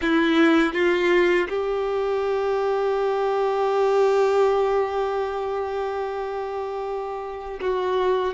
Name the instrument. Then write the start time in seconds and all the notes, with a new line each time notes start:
violin
0.01 E4
0.73 F4
1.48 G4
7.60 F#4